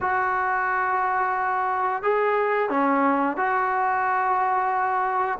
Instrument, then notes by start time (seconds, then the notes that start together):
trombone
0.00 F#4
2.03 G#4
2.69 C#4
3.36 F#4